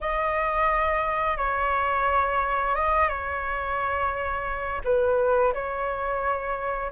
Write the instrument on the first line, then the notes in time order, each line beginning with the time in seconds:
flute
0.01 D#5
1.37 C#5
2.75 D#5
3.08 C#5
4.84 B4
5.53 C#5